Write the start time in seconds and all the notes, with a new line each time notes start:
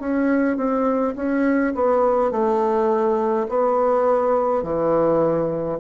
0.00 C#4
0.57 C4
1.16 C#4
1.75 B3
2.32 A3
3.49 B3
4.63 E3